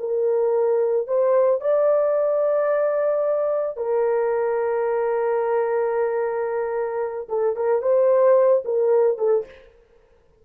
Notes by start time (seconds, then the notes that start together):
0.00 A#4
1.07 C5
1.61 D5
3.77 A#4
7.29 A4
7.57 A#4
7.82 C5
8.65 A#4
9.18 A4